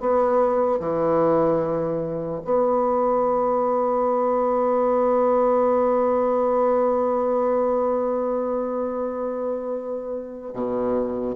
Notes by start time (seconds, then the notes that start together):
0.00 B3
0.80 E3
2.44 B3
10.54 B2